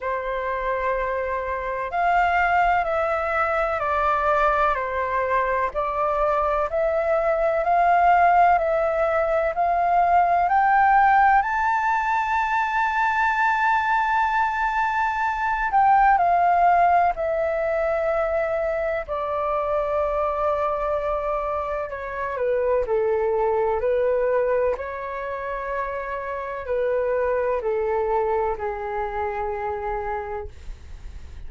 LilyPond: \new Staff \with { instrumentName = "flute" } { \time 4/4 \tempo 4 = 63 c''2 f''4 e''4 | d''4 c''4 d''4 e''4 | f''4 e''4 f''4 g''4 | a''1~ |
a''8 g''8 f''4 e''2 | d''2. cis''8 b'8 | a'4 b'4 cis''2 | b'4 a'4 gis'2 | }